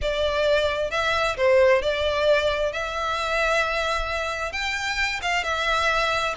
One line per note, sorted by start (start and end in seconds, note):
0.01 0.90 D5
0.90 1.36 E5
1.36 1.81 C5
1.81 2.72 D5
2.72 4.52 E5
4.52 5.20 G5
5.21 5.43 F5
5.43 6.34 E5